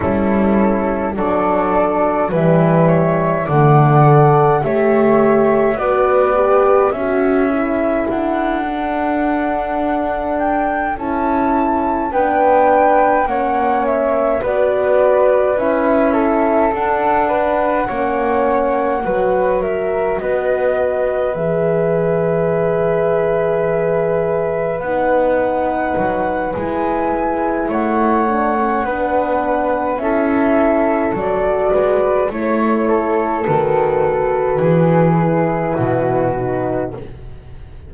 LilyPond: <<
  \new Staff \with { instrumentName = "flute" } { \time 4/4 \tempo 4 = 52 a'4 d''4 e''4 fis''4 | e''4 d''4 e''4 fis''4~ | fis''4 g''8 a''4 g''4 fis''8 | e''8 d''4 e''4 fis''4.~ |
fis''4 e''8 dis''4 e''4.~ | e''4. fis''4. gis''4 | fis''2 e''4 d''4 | cis''4 b'2. | }
  \new Staff \with { instrumentName = "flute" } { \time 4/4 e'4 a'4 b'8 cis''8 d''4 | cis''4 b'4 a'2~ | a'2~ a'8 b'4 cis''8~ | cis''8 b'4. a'4 b'8 cis''8~ |
cis''8 b'8 ais'8 b'2~ b'8~ | b'1 | cis''4 b'4 a'4. b'8 | cis''8 a'4. gis'4 fis'4 | }
  \new Staff \with { instrumentName = "horn" } { \time 4/4 cis'4 d'4 g4 a8 a'8 | g'4 fis'8 g'8 fis'8 e'4 d'8~ | d'4. e'4 d'4 cis'8~ | cis'8 fis'4 e'4 d'4 cis'8~ |
cis'8 fis'2 gis'4.~ | gis'4. dis'4. e'4~ | e'8 d'16 cis'16 d'4 e'4 fis'4 | e'4 fis'4. e'4 dis'8 | }
  \new Staff \with { instrumentName = "double bass" } { \time 4/4 g4 fis4 e4 d4 | a4 b4 cis'4 d'4~ | d'4. cis'4 b4 ais8~ | ais8 b4 cis'4 d'4 ais8~ |
ais8 fis4 b4 e4.~ | e4. b4 fis8 gis4 | a4 b4 cis'4 fis8 gis8 | a4 dis4 e4 b,4 | }
>>